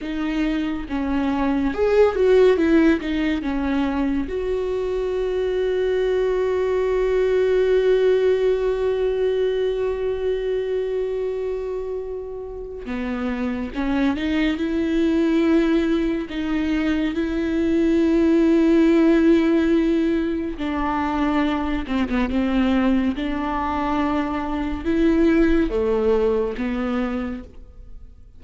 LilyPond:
\new Staff \with { instrumentName = "viola" } { \time 4/4 \tempo 4 = 70 dis'4 cis'4 gis'8 fis'8 e'8 dis'8 | cis'4 fis'2.~ | fis'1~ | fis'2. b4 |
cis'8 dis'8 e'2 dis'4 | e'1 | d'4. c'16 b16 c'4 d'4~ | d'4 e'4 a4 b4 | }